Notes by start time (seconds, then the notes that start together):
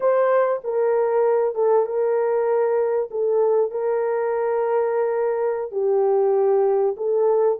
0.00 C5
0.64 A#4
1.55 A4
1.86 A#4
3.11 A4
3.71 A#4
5.71 G4
6.96 A4